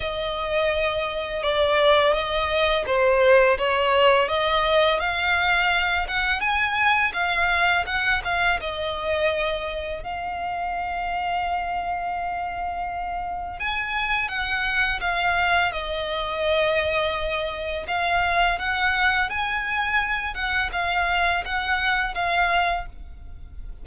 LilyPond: \new Staff \with { instrumentName = "violin" } { \time 4/4 \tempo 4 = 84 dis''2 d''4 dis''4 | c''4 cis''4 dis''4 f''4~ | f''8 fis''8 gis''4 f''4 fis''8 f''8 | dis''2 f''2~ |
f''2. gis''4 | fis''4 f''4 dis''2~ | dis''4 f''4 fis''4 gis''4~ | gis''8 fis''8 f''4 fis''4 f''4 | }